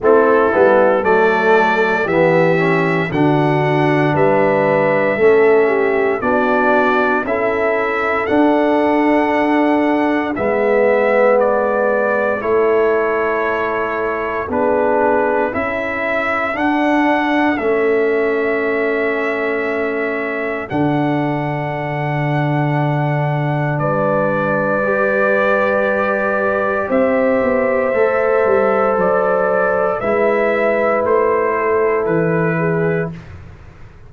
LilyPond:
<<
  \new Staff \with { instrumentName = "trumpet" } { \time 4/4 \tempo 4 = 58 a'4 d''4 e''4 fis''4 | e''2 d''4 e''4 | fis''2 e''4 d''4 | cis''2 b'4 e''4 |
fis''4 e''2. | fis''2. d''4~ | d''2 e''2 | d''4 e''4 c''4 b'4 | }
  \new Staff \with { instrumentName = "horn" } { \time 4/4 e'4 a'4 g'4 fis'4 | b'4 a'8 g'8 fis'4 a'4~ | a'2 b'2 | a'2 gis'4 a'4~ |
a'1~ | a'2. b'4~ | b'2 c''2~ | c''4 b'4. a'4 gis'8 | }
  \new Staff \with { instrumentName = "trombone" } { \time 4/4 c'8 b8 a4 b8 cis'8 d'4~ | d'4 cis'4 d'4 e'4 | d'2 b2 | e'2 d'4 e'4 |
d'4 cis'2. | d'1 | g'2. a'4~ | a'4 e'2. | }
  \new Staff \with { instrumentName = "tuba" } { \time 4/4 a8 g8 fis4 e4 d4 | g4 a4 b4 cis'4 | d'2 gis2 | a2 b4 cis'4 |
d'4 a2. | d2. g4~ | g2 c'8 b8 a8 g8 | fis4 gis4 a4 e4 | }
>>